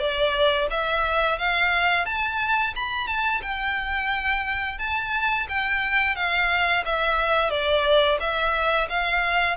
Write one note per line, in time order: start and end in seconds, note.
0.00 0.68 D5
0.71 1.39 E5
1.39 2.06 F5
2.06 2.74 A5
2.76 3.08 B5
3.08 3.42 A5
3.42 4.79 G5
4.79 5.47 A5
5.49 6.16 G5
6.16 6.84 F5
6.86 7.51 E5
7.51 8.19 D5
8.21 8.89 E5
8.89 9.57 F5